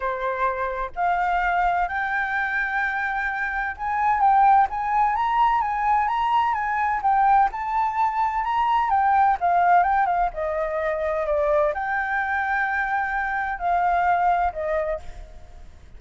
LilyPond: \new Staff \with { instrumentName = "flute" } { \time 4/4 \tempo 4 = 128 c''2 f''2 | g''1 | gis''4 g''4 gis''4 ais''4 | gis''4 ais''4 gis''4 g''4 |
a''2 ais''4 g''4 | f''4 g''8 f''8 dis''2 | d''4 g''2.~ | g''4 f''2 dis''4 | }